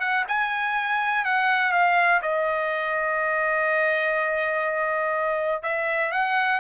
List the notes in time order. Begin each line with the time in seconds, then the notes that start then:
0.00 F#5
0.28 G#5
1.25 F#5
1.72 F5
2.22 D#5
5.63 E5
6.12 F#5